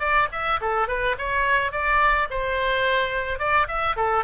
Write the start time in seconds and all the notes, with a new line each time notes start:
0.00 D5
0.32 E5
0.61 A4
0.88 B4
1.18 C#5
1.72 D5
2.30 C5
3.39 D5
3.68 E5
3.96 A4